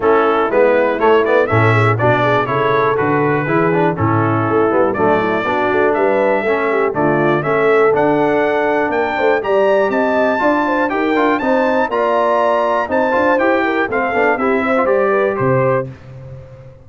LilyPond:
<<
  \new Staff \with { instrumentName = "trumpet" } { \time 4/4 \tempo 4 = 121 a'4 b'4 cis''8 d''8 e''4 | d''4 cis''4 b'2 | a'2 d''2 | e''2 d''4 e''4 |
fis''2 g''4 ais''4 | a''2 g''4 a''4 | ais''2 a''4 g''4 | f''4 e''4 d''4 c''4 | }
  \new Staff \with { instrumentName = "horn" } { \time 4/4 e'2. a'8 gis'8 | fis'8 gis'8 a'2 gis'4 | e'2 d'8 e'8 fis'4 | b'4 a'8 g'8 f'4 a'4~ |
a'2 ais'8 c''8 d''4 | dis''4 d''8 c''8 ais'4 c''4 | d''2 c''4. ais'8 | a'4 g'8 c''4 b'8 c''4 | }
  \new Staff \with { instrumentName = "trombone" } { \time 4/4 cis'4 b4 a8 b8 cis'4 | d'4 e'4 fis'4 e'8 d'8 | cis'4. b8 a4 d'4~ | d'4 cis'4 a4 cis'4 |
d'2. g'4~ | g'4 f'4 g'8 f'8 dis'4 | f'2 dis'8 f'8 g'4 | c'8 d'8 e'8. f'16 g'2 | }
  \new Staff \with { instrumentName = "tuba" } { \time 4/4 a4 gis4 a4 a,4 | b,4 cis4 d4 e4 | a,4 a8 g8 fis4 b8 a8 | g4 a4 d4 a4 |
d'2 ais8 a8 g4 | c'4 d'4 dis'8 d'8 c'4 | ais2 c'8 d'8 e'4 | a8 b8 c'4 g4 c4 | }
>>